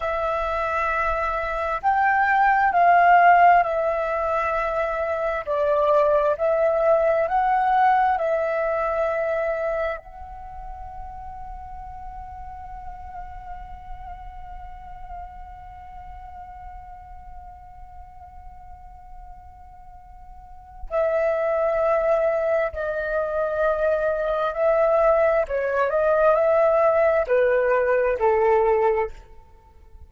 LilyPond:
\new Staff \with { instrumentName = "flute" } { \time 4/4 \tempo 4 = 66 e''2 g''4 f''4 | e''2 d''4 e''4 | fis''4 e''2 fis''4~ | fis''1~ |
fis''1~ | fis''2. e''4~ | e''4 dis''2 e''4 | cis''8 dis''8 e''4 b'4 a'4 | }